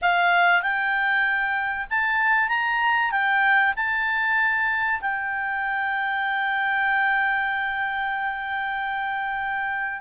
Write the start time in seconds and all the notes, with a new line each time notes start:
0.01 F5
0.61 G5
1.89 A5
2.48 A#5
3.11 G5
3.76 A5
5.01 G5